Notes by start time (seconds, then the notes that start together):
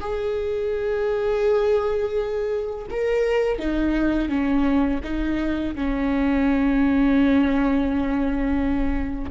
0.00 G#4
2.90 A#4
3.59 D#4
4.29 C#4
5.03 D#4
5.75 C#4